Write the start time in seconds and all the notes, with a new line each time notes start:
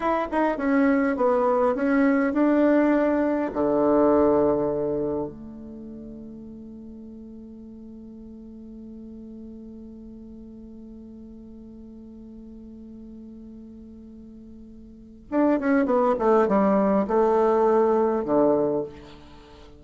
0.00 E4
0.31 D#4
0.57 C#4
1.16 B3
1.75 C#4
2.33 D4
3.53 D3
5.27 A3
15.30 D4
15.59 C#4
15.85 B3
16.18 A3
16.48 G3
17.07 A3
18.24 D3